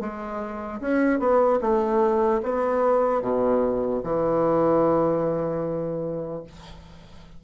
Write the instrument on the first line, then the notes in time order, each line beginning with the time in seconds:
bassoon
0.00 G#3
0.80 C#4
1.19 B3
1.61 A3
2.43 B3
3.21 B2
4.03 E3